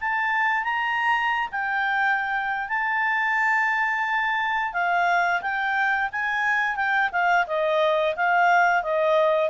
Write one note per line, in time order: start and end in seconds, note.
0.00 0.63 A5
0.63 1.48 A#5
1.51 2.68 G5
2.68 4.73 A5
4.73 5.41 F5
5.41 6.09 G5
6.12 6.76 G#5
6.76 7.10 G5
7.12 7.46 F5
7.46 8.14 D#5
8.16 8.82 F5
8.82 9.50 D#5